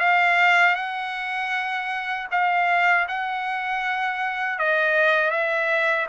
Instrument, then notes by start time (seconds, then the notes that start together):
trumpet
0.00 F5
0.76 F#5
2.31 F5
3.08 F#5
4.59 D#5
5.31 E5